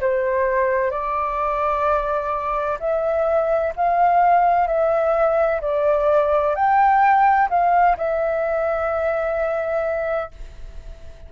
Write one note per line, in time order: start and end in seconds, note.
0.00 0.90 C5
0.90 2.78 D5
2.79 3.73 E5
3.75 4.67 F5
4.67 5.60 E5
5.61 6.55 D5
6.55 7.49 G5
7.49 7.96 F5
7.96 10.31 E5